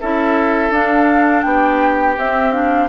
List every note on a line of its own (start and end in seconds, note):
0.00 0.70 C#4
0.00 0.73 E4
0.00 1.45 A4
0.00 0.72 E5
0.70 1.42 D4
0.70 2.17 D4
0.70 1.42 F5
1.42 2.17 B3
1.42 2.89 G4
1.42 2.14 G5
2.17 2.89 C4
2.17 2.53 C4
2.17 2.52 E5
2.52 2.89 D4
2.52 2.88 F5